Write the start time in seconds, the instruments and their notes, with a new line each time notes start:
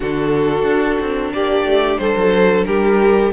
0.00 cello D3, viola D4, violin F#4 A4
0.65 cello D4
0.99 cello C4
1.33 cello A#3, violin G4 D5
1.64 cello A3
1.97 cello G3, violin A4 C5
2.16 cello F#3
2.65 cello G3, violin G4 A#4